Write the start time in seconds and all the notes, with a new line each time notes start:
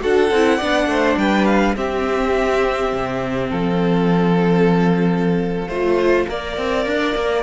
0.00 D4 F#4 A4 F#5
0.31 C4 E4
0.58 B3 D4 D5
0.87 A3 C5
1.18 G3 B4 G5
1.46 F5
1.76 C4 G4 E5
2.93 C3
3.50 F3 A4 F5
5.68 A3 F4 C5
6.28 A#3 A#4 D5
6.58 C4
6.87 D4
7.16 A#3